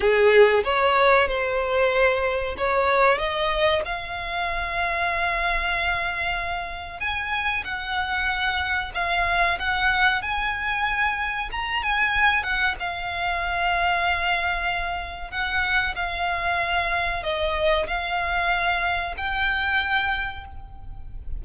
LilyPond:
\new Staff \with { instrumentName = "violin" } { \time 4/4 \tempo 4 = 94 gis'4 cis''4 c''2 | cis''4 dis''4 f''2~ | f''2. gis''4 | fis''2 f''4 fis''4 |
gis''2 ais''8 gis''4 fis''8 | f''1 | fis''4 f''2 dis''4 | f''2 g''2 | }